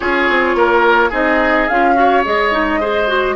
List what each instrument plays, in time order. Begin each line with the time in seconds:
0.00 bassoon C#4, clarinet F4, oboe G#4, flute C#5
0.29 bassoon C4
0.55 bassoon A#3, oboe A#4
1.09 bassoon C4, clarinet D#4, oboe G#4, flute D#5
1.67 bassoon C#4, clarinet F4, flute F5
1.94 clarinet F#4, oboe C#5
2.24 bassoon G#3, clarinet G#4, flute D#5
2.52 clarinet D#4
2.80 clarinet G#4, oboe C5
3.07 clarinet F#4